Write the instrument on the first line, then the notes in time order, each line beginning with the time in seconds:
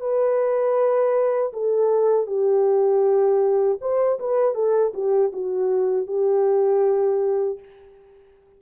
horn
0.00 B4
1.53 A4
2.26 G4
3.81 C5
4.19 B4
4.54 A4
4.93 G4
5.32 F#4
6.07 G4